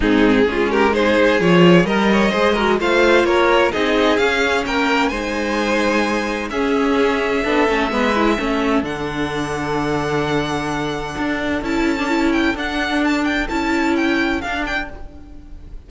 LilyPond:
<<
  \new Staff \with { instrumentName = "violin" } { \time 4/4 \tempo 4 = 129 gis'4. ais'8 c''4 cis''4 | dis''2 f''4 cis''4 | dis''4 f''4 g''4 gis''4~ | gis''2 e''2~ |
e''2. fis''4~ | fis''1~ | fis''4 a''4. g''8 fis''4 | a''8 g''8 a''4 g''4 f''8 g''8 | }
  \new Staff \with { instrumentName = "violin" } { \time 4/4 dis'4 f'8 g'8 gis'2 | ais'8 cis''8 c''8 ais'8 c''4 ais'4 | gis'2 ais'4 c''4~ | c''2 gis'2 |
a'4 b'4 a'2~ | a'1~ | a'1~ | a'1 | }
  \new Staff \with { instrumentName = "viola" } { \time 4/4 c'4 cis'4 dis'4 f'4 | ais'4 gis'8 fis'8 f'2 | dis'4 cis'2 dis'4~ | dis'2 cis'2 |
d'8 cis'8 b8 e'8 cis'4 d'4~ | d'1~ | d'4 e'8. d'16 e'4 d'4~ | d'4 e'2 d'4 | }
  \new Staff \with { instrumentName = "cello" } { \time 4/4 gis,4 gis2 f4 | g4 gis4 a4 ais4 | c'4 cis'4 ais4 gis4~ | gis2 cis'2 |
b8 a8 gis4 a4 d4~ | d1 | d'4 cis'2 d'4~ | d'4 cis'2 d'4 | }
>>